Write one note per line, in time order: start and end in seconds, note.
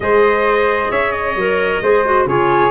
0.00 0.88 G#3
0.00 1.37 G#4
0.00 0.90 C5
0.00 0.91 D#5
0.90 1.35 C#4
0.90 1.81 C#5
0.90 1.12 E5
1.12 2.25 D#5
1.35 1.80 F#3
1.35 1.83 A#4
1.82 2.25 G#3
1.82 2.05 G#4
1.82 2.27 C5
2.05 2.27 F#4
2.25 2.70 C#3
2.25 2.70 F4
2.25 2.70 G#4
2.25 2.70 C#5